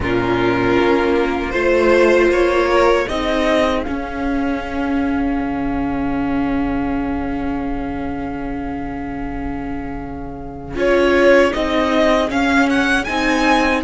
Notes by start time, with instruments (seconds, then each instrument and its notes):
0.00 cello A#2, viola C#4, violin F4 A#4
0.79 cello A#3
1.50 cello A3, viola F4, violin C5
2.28 cello A#3, violin C#5
2.71 violin A#4
3.06 cello C4, viola D#4, violin G#4 D#5
3.83 viola C#4, cello C#4, violin F5
5.39 cello C#3
10.75 cello C#4, viola F4, violin C#5
11.51 cello C4, viola D#4, violin D#5
12.29 viola C#4, cello C#4, violin F5
12.69 violin F#5
13.04 cello C4, viola D#4, violin G#5